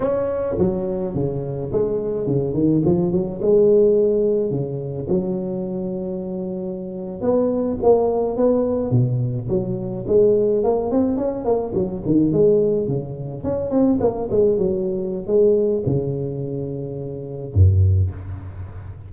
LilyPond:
\new Staff \with { instrumentName = "tuba" } { \time 4/4 \tempo 4 = 106 cis'4 fis4 cis4 gis4 | cis8 dis8 f8 fis8 gis2 | cis4 fis2.~ | fis8. b4 ais4 b4 b,16~ |
b,8. fis4 gis4 ais8 c'8 cis'16~ | cis'16 ais8 fis8 dis8 gis4 cis4 cis'16~ | cis'16 c'8 ais8 gis8 fis4~ fis16 gis4 | cis2. fis,4 | }